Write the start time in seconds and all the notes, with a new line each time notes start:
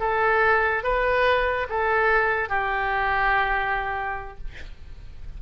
0.00 A4
0.83 B4
1.70 A4
2.49 G4